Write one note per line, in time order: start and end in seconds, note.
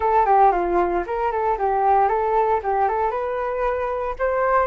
0.00 0.25 A4
0.25 0.51 G4
0.51 1.03 F4
1.06 1.31 A#4
1.31 1.57 A4
1.58 2.08 G4
2.08 2.60 A4
2.63 2.88 G4
2.88 3.10 A4
3.10 4.15 B4
4.18 4.66 C5